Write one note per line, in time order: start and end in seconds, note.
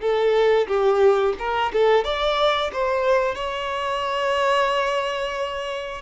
0.00 0.67 A4
0.67 1.34 G4
1.38 1.72 A#4
1.72 2.04 A4
2.04 2.71 D5
2.72 3.35 C5
3.35 6.02 C#5